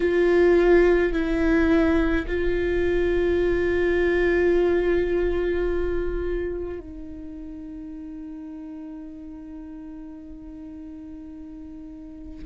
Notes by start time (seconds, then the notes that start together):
0.00 F4
1.12 E4
2.26 F4
6.80 D#4